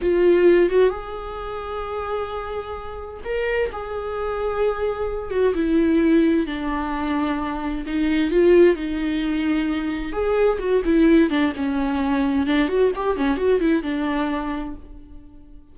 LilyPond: \new Staff \with { instrumentName = "viola" } { \time 4/4 \tempo 4 = 130 f'4. fis'8 gis'2~ | gis'2. ais'4 | gis'2.~ gis'8 fis'8 | e'2 d'2~ |
d'4 dis'4 f'4 dis'4~ | dis'2 gis'4 fis'8 e'8~ | e'8 d'8 cis'2 d'8 fis'8 | g'8 cis'8 fis'8 e'8 d'2 | }